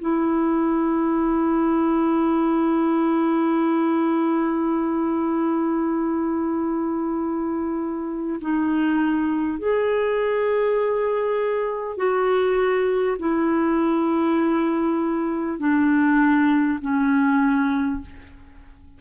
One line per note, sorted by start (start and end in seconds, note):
0.00 8.40 E4
8.41 9.59 D#4
9.59 11.97 G#4
11.97 13.17 F#4
13.19 15.59 E4
15.59 16.79 D4
16.81 18.01 C#4